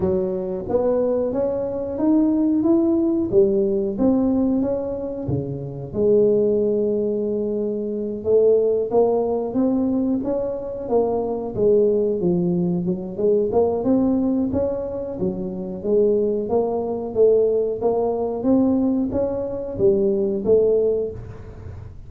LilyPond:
\new Staff \with { instrumentName = "tuba" } { \time 4/4 \tempo 4 = 91 fis4 b4 cis'4 dis'4 | e'4 g4 c'4 cis'4 | cis4 gis2.~ | gis8 a4 ais4 c'4 cis'8~ |
cis'8 ais4 gis4 f4 fis8 | gis8 ais8 c'4 cis'4 fis4 | gis4 ais4 a4 ais4 | c'4 cis'4 g4 a4 | }